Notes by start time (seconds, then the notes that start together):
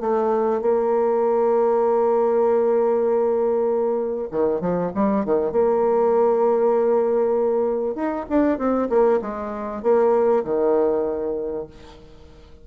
0.00 A3
0.61 A#3
4.31 D#3
4.61 F3
4.94 G3
5.25 D#3
5.52 A#3
7.95 D#4
8.29 D4
8.58 C4
8.89 A#3
9.21 G#3
9.82 A#3
10.44 D#3